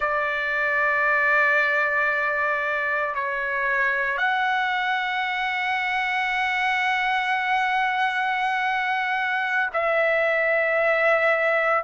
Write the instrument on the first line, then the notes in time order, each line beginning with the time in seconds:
trumpet
0.00 D5
3.14 C#5
4.17 F#5
9.73 E5